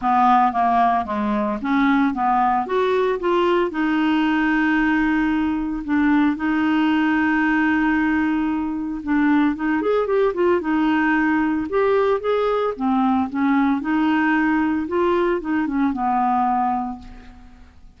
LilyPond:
\new Staff \with { instrumentName = "clarinet" } { \time 4/4 \tempo 4 = 113 b4 ais4 gis4 cis'4 | b4 fis'4 f'4 dis'4~ | dis'2. d'4 | dis'1~ |
dis'4 d'4 dis'8 gis'8 g'8 f'8 | dis'2 g'4 gis'4 | c'4 cis'4 dis'2 | f'4 dis'8 cis'8 b2 | }